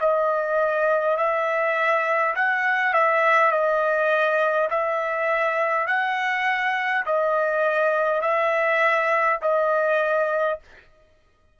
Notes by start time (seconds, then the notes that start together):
0.00 D#5
1.17 E5
2.35 F#5
2.94 E5
3.52 D#5
4.71 E5
5.87 F#5
7.06 D#5
8.22 E5
9.42 D#5